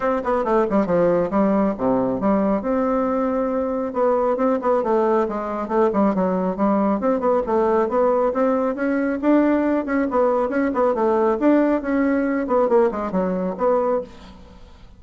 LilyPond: \new Staff \with { instrumentName = "bassoon" } { \time 4/4 \tempo 4 = 137 c'8 b8 a8 g8 f4 g4 | c4 g4 c'2~ | c'4 b4 c'8 b8 a4 | gis4 a8 g8 fis4 g4 |
c'8 b8 a4 b4 c'4 | cis'4 d'4. cis'8 b4 | cis'8 b8 a4 d'4 cis'4~ | cis'8 b8 ais8 gis8 fis4 b4 | }